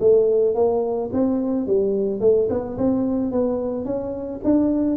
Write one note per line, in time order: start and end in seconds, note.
0.00 0.55 A3
0.55 1.11 A#3
1.13 1.67 C4
1.67 2.20 G3
2.20 2.48 A3
2.50 2.78 B3
2.78 3.32 C4
3.32 3.85 B3
3.85 4.41 C#4
4.44 4.97 D4